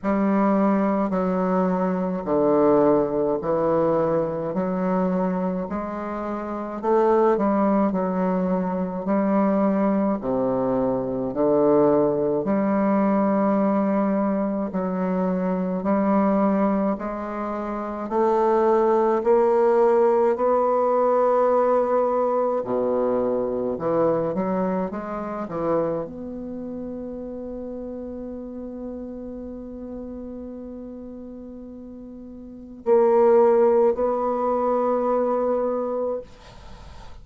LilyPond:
\new Staff \with { instrumentName = "bassoon" } { \time 4/4 \tempo 4 = 53 g4 fis4 d4 e4 | fis4 gis4 a8 g8 fis4 | g4 c4 d4 g4~ | g4 fis4 g4 gis4 |
a4 ais4 b2 | b,4 e8 fis8 gis8 e8 b4~ | b1~ | b4 ais4 b2 | }